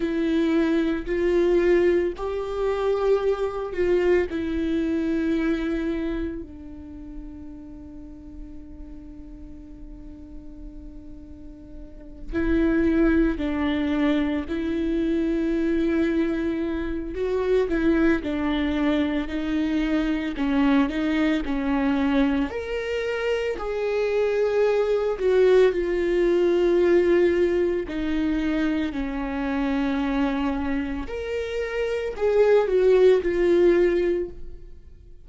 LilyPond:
\new Staff \with { instrumentName = "viola" } { \time 4/4 \tempo 4 = 56 e'4 f'4 g'4. f'8 | e'2 d'2~ | d'2.~ d'8 e'8~ | e'8 d'4 e'2~ e'8 |
fis'8 e'8 d'4 dis'4 cis'8 dis'8 | cis'4 ais'4 gis'4. fis'8 | f'2 dis'4 cis'4~ | cis'4 ais'4 gis'8 fis'8 f'4 | }